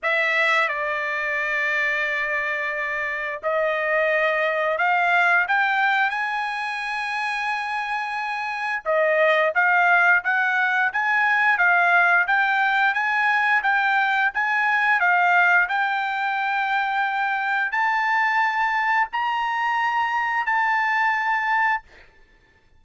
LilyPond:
\new Staff \with { instrumentName = "trumpet" } { \time 4/4 \tempo 4 = 88 e''4 d''2.~ | d''4 dis''2 f''4 | g''4 gis''2.~ | gis''4 dis''4 f''4 fis''4 |
gis''4 f''4 g''4 gis''4 | g''4 gis''4 f''4 g''4~ | g''2 a''2 | ais''2 a''2 | }